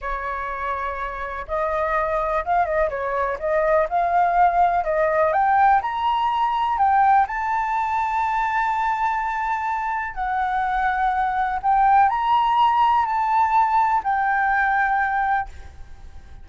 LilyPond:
\new Staff \with { instrumentName = "flute" } { \time 4/4 \tempo 4 = 124 cis''2. dis''4~ | dis''4 f''8 dis''8 cis''4 dis''4 | f''2 dis''4 g''4 | ais''2 g''4 a''4~ |
a''1~ | a''4 fis''2. | g''4 ais''2 a''4~ | a''4 g''2. | }